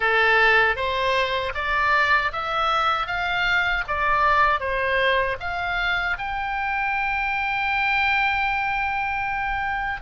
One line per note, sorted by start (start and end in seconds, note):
0.00 0.76 A4
0.76 1.52 C5
1.54 2.31 D5
2.32 3.07 E5
3.07 3.84 F5
3.87 4.60 D5
4.60 5.37 C5
5.40 6.17 F5
6.18 10.01 G5